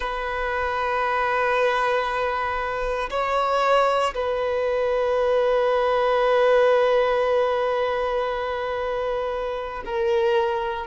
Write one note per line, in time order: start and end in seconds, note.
0.00 3.09 B4
3.10 4.14 C#5
4.14 9.83 B4
9.85 10.86 A#4